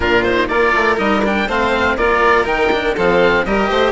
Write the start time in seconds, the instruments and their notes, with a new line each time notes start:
0.00 bassoon A#2, cello D4, violin F4, oboe A#4
0.23 cello D#4, oboe C5
0.48 bassoon A#3, cello F4, violin A#4, oboe D5
0.74 bassoon A3
0.96 bassoon G3, cello D#4, oboe D#5
1.24 cello D4, oboe G5
1.47 bassoon A3, cello C4, violin C5, oboe F5
1.96 bassoon A#3, cello F4, violin A#4, oboe D5
2.44 bassoon D#3, cello D#4, oboe G5
2.72 cello D4
2.94 bassoon F3, cello C4, violin A4, oboe F5
3.45 bassoon G3, cello G4, violin A#4, oboe D#5
3.69 bassoon A3, violin C5